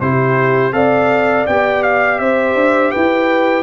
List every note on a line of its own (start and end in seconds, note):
0.00 0.73 C3
0.00 0.72 E4
0.00 0.75 G4
0.00 0.73 C5
0.72 1.46 C4
0.72 1.45 A4
0.72 2.21 D5
0.72 1.46 F5
1.46 2.19 B3
1.46 3.62 G4
1.46 1.83 G5
1.83 2.18 F5
2.18 2.55 C4
2.18 2.92 C5
2.18 2.91 E5
2.55 2.91 D4
2.91 3.62 E4
2.91 3.62 B4
2.91 3.62 G5